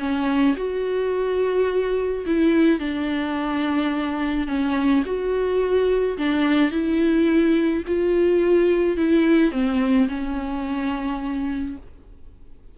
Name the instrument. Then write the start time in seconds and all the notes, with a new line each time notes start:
viola
0.00 C#4
0.57 F#4
2.27 E4
2.80 D4
4.48 C#4
5.06 F#4
6.18 D4
6.72 E4
7.88 F4
8.97 E4
9.52 C4
10.09 C#4